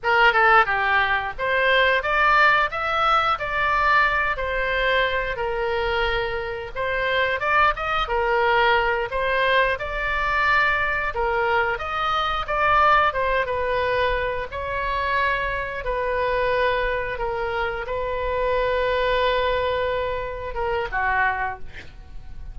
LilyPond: \new Staff \with { instrumentName = "oboe" } { \time 4/4 \tempo 4 = 89 ais'8 a'8 g'4 c''4 d''4 | e''4 d''4. c''4. | ais'2 c''4 d''8 dis''8 | ais'4. c''4 d''4.~ |
d''8 ais'4 dis''4 d''4 c''8 | b'4. cis''2 b'8~ | b'4. ais'4 b'4.~ | b'2~ b'8 ais'8 fis'4 | }